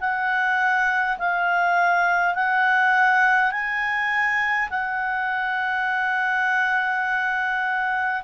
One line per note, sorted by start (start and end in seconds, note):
0.00 1.18 F#5
1.18 2.35 F5
2.35 3.51 F#5
3.51 4.69 G#5
4.70 8.23 F#5